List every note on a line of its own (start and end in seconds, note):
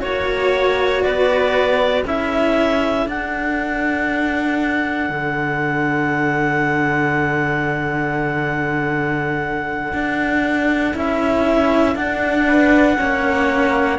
0.00 1.05 A#3
0.00 2.03 F#4
0.00 1.03 C#5
0.00 1.02 C#5
1.02 2.06 B3
1.02 2.04 B4
1.02 2.04 D5
2.04 3.07 C#4
2.04 3.06 E4
2.04 12.46 A4
2.04 3.09 E5
3.06 10.94 D4
3.06 5.10 D4
3.06 10.97 F#5
5.10 9.93 D3
9.93 10.95 D4
10.94 11.96 C#4
10.94 11.96 E4
10.94 11.96 E5
11.96 12.97 D4
11.96 13.99 F#5
12.48 12.99 B4
12.97 13.99 A#3
12.97 13.99 C#4
12.97 13.99 C#5